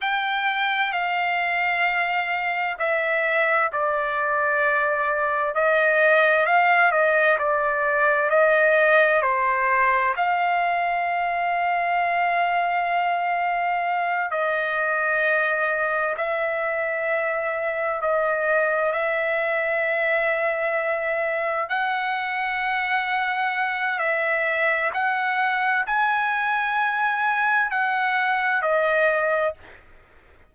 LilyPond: \new Staff \with { instrumentName = "trumpet" } { \time 4/4 \tempo 4 = 65 g''4 f''2 e''4 | d''2 dis''4 f''8 dis''8 | d''4 dis''4 c''4 f''4~ | f''2.~ f''8 dis''8~ |
dis''4. e''2 dis''8~ | dis''8 e''2. fis''8~ | fis''2 e''4 fis''4 | gis''2 fis''4 dis''4 | }